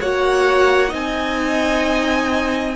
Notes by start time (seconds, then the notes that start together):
0.00 A#3 F#4 C#5 F#5
0.88 C4 D#4 D#5
0.94 G#5